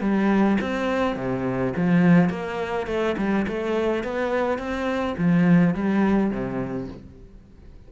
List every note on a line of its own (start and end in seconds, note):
0.00 0.57 G3
0.61 1.16 C4
1.16 1.73 C3
1.76 2.29 F3
2.29 2.86 A#3
2.86 3.15 A3
3.17 3.46 G3
3.47 4.03 A3
4.03 4.58 B3
4.58 5.15 C4
5.17 5.74 F3
5.74 6.30 G3
6.30 6.87 C3